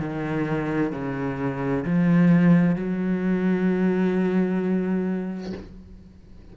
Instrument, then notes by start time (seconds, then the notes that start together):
cello
0.00 D#3
0.92 C#3
1.85 F3
2.76 F#3